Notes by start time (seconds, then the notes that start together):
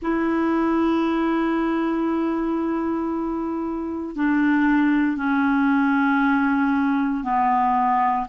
0.02 E4
4.15 D4
5.16 C#4
7.23 B3